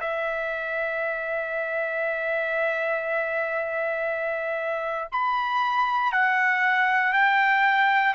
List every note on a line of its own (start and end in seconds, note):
0.00 5.08 E5
5.11 6.12 B5
6.12 7.13 F#5
7.13 8.14 G5